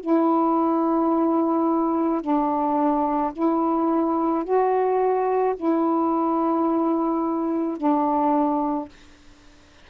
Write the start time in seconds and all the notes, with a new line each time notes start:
0.00 E4
2.22 D4
3.33 E4
4.44 F#4
5.56 E4
7.77 D4